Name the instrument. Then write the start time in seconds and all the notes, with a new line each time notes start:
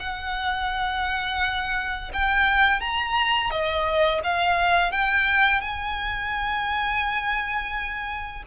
violin
0.00 F#5
2.13 G5
2.81 A#5
3.51 D#5
4.24 F5
4.92 G5
5.61 G#5